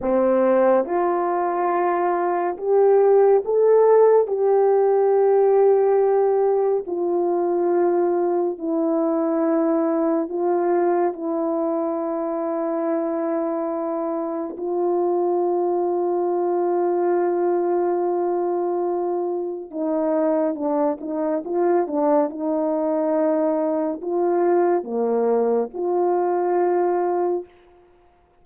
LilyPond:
\new Staff \with { instrumentName = "horn" } { \time 4/4 \tempo 4 = 70 c'4 f'2 g'4 | a'4 g'2. | f'2 e'2 | f'4 e'2.~ |
e'4 f'2.~ | f'2. dis'4 | d'8 dis'8 f'8 d'8 dis'2 | f'4 ais4 f'2 | }